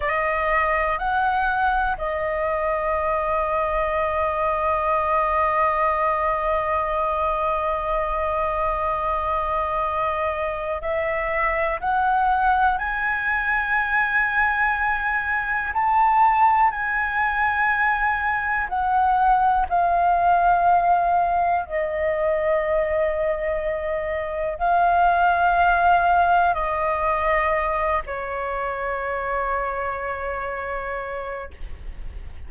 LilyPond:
\new Staff \with { instrumentName = "flute" } { \time 4/4 \tempo 4 = 61 dis''4 fis''4 dis''2~ | dis''1~ | dis''2. e''4 | fis''4 gis''2. |
a''4 gis''2 fis''4 | f''2 dis''2~ | dis''4 f''2 dis''4~ | dis''8 cis''2.~ cis''8 | }